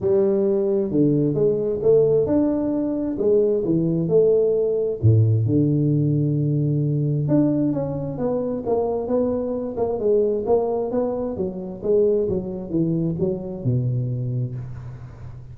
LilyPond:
\new Staff \with { instrumentName = "tuba" } { \time 4/4 \tempo 4 = 132 g2 d4 gis4 | a4 d'2 gis4 | e4 a2 a,4 | d1 |
d'4 cis'4 b4 ais4 | b4. ais8 gis4 ais4 | b4 fis4 gis4 fis4 | e4 fis4 b,2 | }